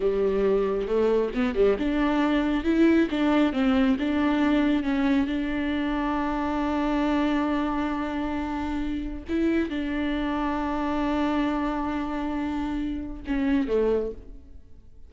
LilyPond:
\new Staff \with { instrumentName = "viola" } { \time 4/4 \tempo 4 = 136 g2 a4 b8 g8 | d'2 e'4 d'4 | c'4 d'2 cis'4 | d'1~ |
d'1~ | d'4 e'4 d'2~ | d'1~ | d'2 cis'4 a4 | }